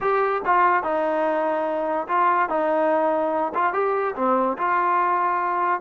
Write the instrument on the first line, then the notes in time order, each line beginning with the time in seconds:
trombone
0.00 G4
0.45 F4
0.83 D#4
2.07 F4
2.49 D#4
3.54 F4
3.73 G4
4.15 C4
4.57 F4